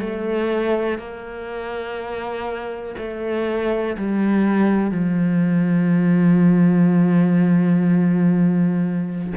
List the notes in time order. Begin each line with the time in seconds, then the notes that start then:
0.00 A3
0.98 A#3
2.98 A3
3.97 G3
4.91 F3